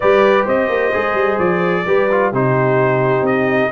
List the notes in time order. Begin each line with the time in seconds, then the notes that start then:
0.00 G3 G4 B4 D5
0.44 C4 C5 D#5
0.68 A#3
0.92 G#3 G#4
1.13 G3
1.38 F3 D5
1.86 G3 G4 B4
2.11 F4
2.32 C3 D#4 G4 C5
3.22 C4 D#5